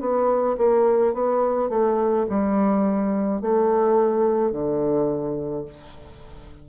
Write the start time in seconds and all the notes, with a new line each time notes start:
0.00 B3
0.58 A#3
1.14 B3
1.69 A3
2.30 G3
3.41 A3
4.52 D3